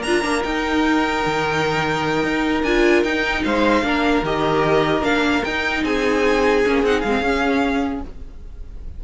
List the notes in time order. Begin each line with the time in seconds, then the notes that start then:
0.00 D4 A#4 A#5
0.07 F4
0.22 A#3 D4
0.43 D#4 G5
1.25 D#3
2.23 D#4
2.63 D4 F4 G#5
3.03 D#4 G5
3.44 G#3 C5 F5
3.82 A#3 D4 A#4
4.23 D#3 G4 D#5
5.02 A#3 D4 F5
5.44 D#4 G5
5.83 C4 G#4 G#5
6.65 A#3 C#4
6.83 C4 D#4 F#5
7.01 G#3 F5
7.07 C4
7.20 C#4